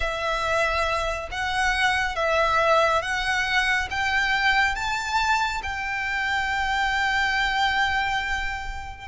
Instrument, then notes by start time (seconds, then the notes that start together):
violin
0.00 E5
1.31 F#5
2.15 E5
3.02 F#5
3.90 G5
4.75 A5
5.63 G5